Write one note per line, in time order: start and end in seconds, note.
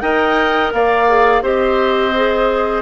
0.00 0.72 D#4
0.00 1.06 A#4
0.00 0.73 D#5
0.00 0.71 G5
0.72 1.41 A#3
0.72 1.42 D5
0.72 1.43 F5
1.07 1.41 G#4
1.41 2.82 C4
1.41 2.12 G4
1.41 2.82 C5
1.41 2.82 D#5
2.15 2.82 G#4